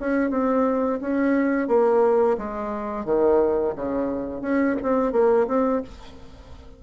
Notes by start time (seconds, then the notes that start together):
0.00 C#4
0.30 C4
1.01 C#4
1.68 A#3
2.38 G#3
3.05 D#3
3.76 C#3
4.41 C#4
4.82 C4
5.12 A#3
5.47 C4